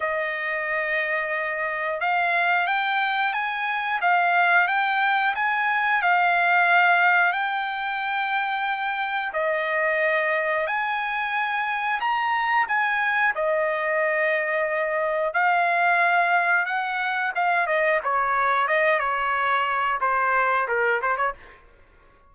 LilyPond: \new Staff \with { instrumentName = "trumpet" } { \time 4/4 \tempo 4 = 90 dis''2. f''4 | g''4 gis''4 f''4 g''4 | gis''4 f''2 g''4~ | g''2 dis''2 |
gis''2 ais''4 gis''4 | dis''2. f''4~ | f''4 fis''4 f''8 dis''8 cis''4 | dis''8 cis''4. c''4 ais'8 c''16 cis''16 | }